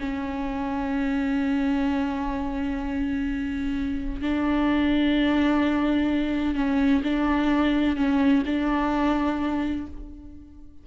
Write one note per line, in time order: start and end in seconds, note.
0.00 4.22 C#4
4.22 6.55 D4
6.55 7.02 C#4
7.04 7.96 D4
7.96 8.43 C#4
8.46 9.87 D4